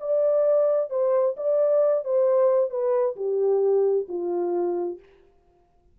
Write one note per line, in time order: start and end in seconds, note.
0.00 0.90 D5
0.90 1.36 C5
1.37 2.04 D5
2.04 2.70 C5
2.70 3.16 B4
3.16 4.07 G4
4.08 4.99 F4